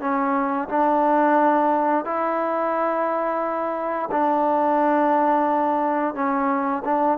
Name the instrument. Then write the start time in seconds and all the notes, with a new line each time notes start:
trombone
0.00 C#4
0.68 D4
2.05 E4
4.11 D4
6.15 C#4
6.85 D4